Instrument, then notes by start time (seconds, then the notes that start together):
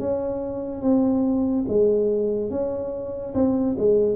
tuba
0.00 C#4
0.82 C4
1.69 G#3
2.51 C#4
3.34 C4
3.78 G#3